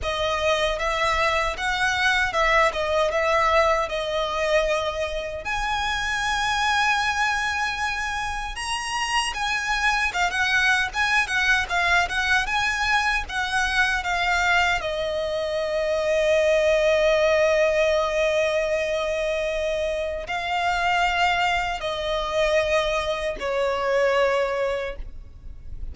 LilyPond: \new Staff \with { instrumentName = "violin" } { \time 4/4 \tempo 4 = 77 dis''4 e''4 fis''4 e''8 dis''8 | e''4 dis''2 gis''4~ | gis''2. ais''4 | gis''4 f''16 fis''8. gis''8 fis''8 f''8 fis''8 |
gis''4 fis''4 f''4 dis''4~ | dis''1~ | dis''2 f''2 | dis''2 cis''2 | }